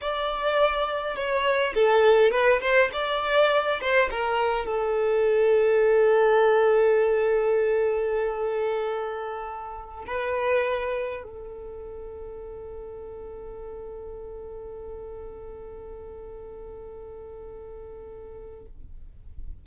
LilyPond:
\new Staff \with { instrumentName = "violin" } { \time 4/4 \tempo 4 = 103 d''2 cis''4 a'4 | b'8 c''8 d''4. c''8 ais'4 | a'1~ | a'1~ |
a'4~ a'16 b'2 a'8.~ | a'1~ | a'1~ | a'1 | }